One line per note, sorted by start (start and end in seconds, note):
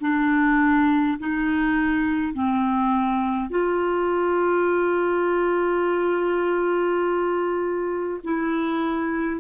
0.00 1.18 D4
1.19 2.33 D#4
2.33 3.50 C4
3.50 8.20 F4
8.24 9.40 E4